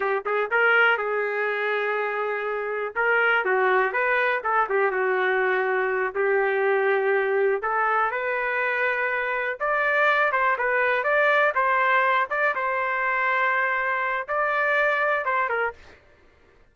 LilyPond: \new Staff \with { instrumentName = "trumpet" } { \time 4/4 \tempo 4 = 122 g'8 gis'8 ais'4 gis'2~ | gis'2 ais'4 fis'4 | b'4 a'8 g'8 fis'2~ | fis'8 g'2. a'8~ |
a'8 b'2. d''8~ | d''4 c''8 b'4 d''4 c''8~ | c''4 d''8 c''2~ c''8~ | c''4 d''2 c''8 ais'8 | }